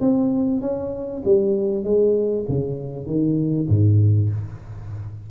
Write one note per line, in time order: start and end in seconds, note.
0.00 0.61 C4
0.61 1.22 C#4
1.25 1.84 G3
1.84 2.45 G#3
2.48 3.06 C#3
3.06 3.67 D#3
3.68 4.30 G#2